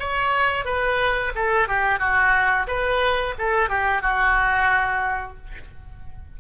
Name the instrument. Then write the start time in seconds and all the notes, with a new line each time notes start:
oboe
0.00 C#5
0.65 B4
1.35 A4
1.68 G4
1.99 F#4
2.67 B4
3.38 A4
3.69 G4
4.02 F#4